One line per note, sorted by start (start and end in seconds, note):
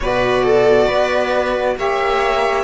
0.00 0.88 B2
0.00 1.77 F#4
0.00 0.43 B4
0.00 1.76 D5
0.43 0.87 A4
0.87 1.76 B3
0.87 1.75 B4
1.76 2.63 A#3
1.76 2.63 G4
1.76 2.63 C#5
1.76 2.63 E5